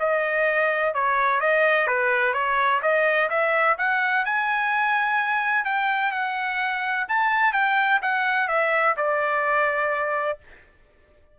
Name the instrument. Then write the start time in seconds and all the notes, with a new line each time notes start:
trumpet
0.00 D#5
0.94 C#5
1.41 D#5
1.88 B4
2.34 C#5
2.83 D#5
3.30 E5
3.79 F#5
4.26 G#5
5.65 G5
6.12 F#5
7.09 A5
7.53 G5
8.03 F#5
8.49 E5
8.97 D5